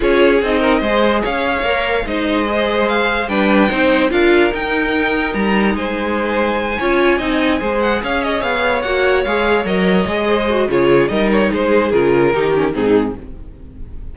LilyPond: <<
  \new Staff \with { instrumentName = "violin" } { \time 4/4 \tempo 4 = 146 cis''4 dis''2 f''4~ | f''4 dis''2 f''4 | g''2 f''4 g''4~ | g''4 ais''4 gis''2~ |
gis''2. fis''8 f''8 | dis''8 f''4 fis''4 f''4 dis''8~ | dis''2 cis''4 dis''8 cis''8 | c''4 ais'2 gis'4 | }
  \new Staff \with { instrumentName = "violin" } { \time 4/4 gis'4. ais'8 c''4 cis''4~ | cis''4 c''2. | b'4 c''4 ais'2~ | ais'2 c''2~ |
c''8 cis''4 dis''4 c''4 cis''8~ | cis''1~ | cis''4 c''4 gis'4 ais'4 | gis'2 g'4 dis'4 | }
  \new Staff \with { instrumentName = "viola" } { \time 4/4 f'4 dis'4 gis'2 | ais'4 dis'4 gis'2 | d'4 dis'4 f'4 dis'4~ | dis'1~ |
dis'8 f'4 dis'4 gis'4.~ | gis'4. fis'4 gis'4 ais'8~ | ais'8 gis'4 fis'8 f'4 dis'4~ | dis'4 f'4 dis'8 cis'8 c'4 | }
  \new Staff \with { instrumentName = "cello" } { \time 4/4 cis'4 c'4 gis4 cis'4 | ais4 gis2. | g4 c'4 d'4 dis'4~ | dis'4 g4 gis2~ |
gis8 cis'4 c'4 gis4 cis'8~ | cis'8 b4 ais4 gis4 fis8~ | fis8 gis4. cis4 g4 | gis4 cis4 dis4 gis,4 | }
>>